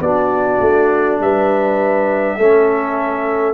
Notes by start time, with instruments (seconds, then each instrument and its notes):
0.00 tuba B3, trombone D4, horn F#4, trumpet D5
0.61 tuba A3
1.20 tuba G3, horn B4, trumpet E5
2.37 tuba A3, trombone C#4, horn A4